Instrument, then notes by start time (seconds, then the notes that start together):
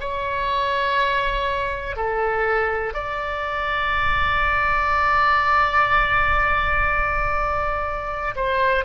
oboe
0.00 C#5
1.96 A4
2.94 D5
8.36 C5